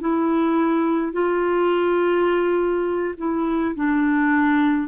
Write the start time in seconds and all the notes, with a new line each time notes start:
0.00 E4
1.12 F4
3.17 E4
3.75 D4